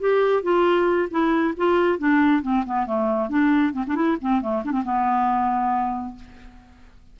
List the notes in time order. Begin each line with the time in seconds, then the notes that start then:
0.00 G4
0.43 F4
1.11 E4
1.57 F4
1.99 D4
2.42 C4
2.66 B3
2.86 A3
3.30 D4
3.73 C4
3.87 D4
3.96 E4
4.21 C4
4.42 A3
4.65 D4
4.72 C4
4.84 B3